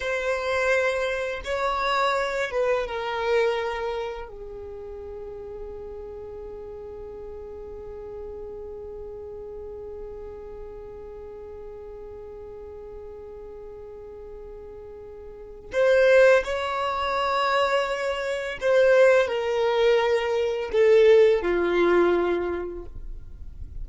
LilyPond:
\new Staff \with { instrumentName = "violin" } { \time 4/4 \tempo 4 = 84 c''2 cis''4. b'8 | ais'2 gis'2~ | gis'1~ | gis'1~ |
gis'1~ | gis'2 c''4 cis''4~ | cis''2 c''4 ais'4~ | ais'4 a'4 f'2 | }